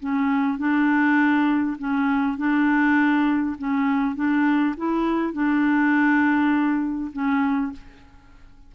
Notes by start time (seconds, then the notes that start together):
0.00 C#4
0.58 D4
1.78 C#4
2.37 D4
3.58 C#4
4.16 D4
4.77 E4
5.33 D4
7.13 C#4